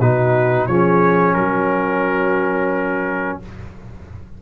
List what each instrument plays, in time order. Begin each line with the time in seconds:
0.00 tuba B2, trombone D#4, horn F#4, trumpet B4
0.67 tuba F3, trombone C#4, horn G#4, trumpet C#5
1.35 tuba F#3, horn F#4, trumpet A#4